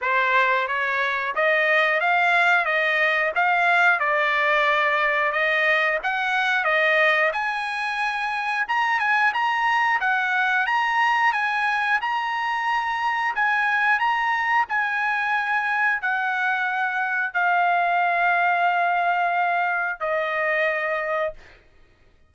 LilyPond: \new Staff \with { instrumentName = "trumpet" } { \time 4/4 \tempo 4 = 90 c''4 cis''4 dis''4 f''4 | dis''4 f''4 d''2 | dis''4 fis''4 dis''4 gis''4~ | gis''4 ais''8 gis''8 ais''4 fis''4 |
ais''4 gis''4 ais''2 | gis''4 ais''4 gis''2 | fis''2 f''2~ | f''2 dis''2 | }